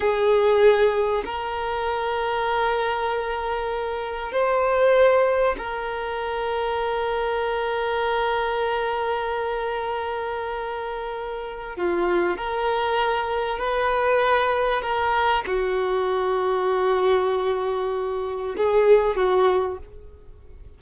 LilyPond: \new Staff \with { instrumentName = "violin" } { \time 4/4 \tempo 4 = 97 gis'2 ais'2~ | ais'2. c''4~ | c''4 ais'2.~ | ais'1~ |
ais'2. f'4 | ais'2 b'2 | ais'4 fis'2.~ | fis'2 gis'4 fis'4 | }